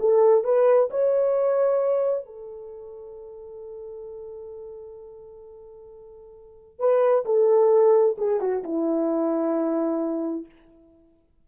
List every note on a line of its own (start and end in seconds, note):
0.00 0.44 A4
0.44 0.90 B4
0.91 2.26 C#5
2.26 6.80 A4
6.80 7.25 B4
7.26 8.17 A4
8.18 8.41 G#4
8.41 8.64 F#4
8.64 10.46 E4